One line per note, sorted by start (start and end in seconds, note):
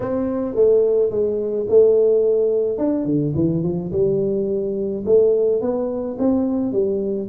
0.00 0.55 C4
0.55 1.10 A3
1.10 1.66 G#3
1.68 2.78 A3
2.78 3.05 D4
3.05 3.33 D3
3.35 3.63 E3
3.63 3.91 F3
3.92 5.04 G3
5.05 5.61 A3
5.61 6.17 B3
6.18 6.72 C4
6.72 7.28 G3